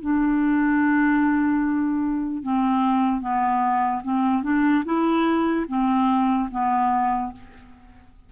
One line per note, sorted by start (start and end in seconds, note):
0.00 2.43 D4
2.43 3.21 C4
3.21 4.02 B3
4.04 4.43 C4
4.43 4.84 D4
4.85 5.66 E4
5.68 6.49 C4
6.51 7.32 B3